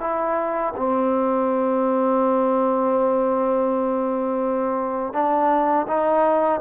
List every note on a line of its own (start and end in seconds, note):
0.00 0.73 E4
0.76 5.13 C4
5.13 5.86 D4
5.87 6.60 D#4